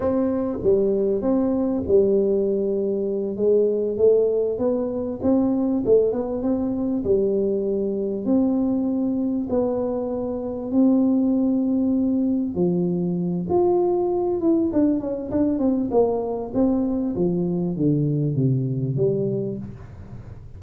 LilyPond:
\new Staff \with { instrumentName = "tuba" } { \time 4/4 \tempo 4 = 98 c'4 g4 c'4 g4~ | g4. gis4 a4 b8~ | b8 c'4 a8 b8 c'4 g8~ | g4. c'2 b8~ |
b4. c'2~ c'8~ | c'8 f4. f'4. e'8 | d'8 cis'8 d'8 c'8 ais4 c'4 | f4 d4 c4 g4 | }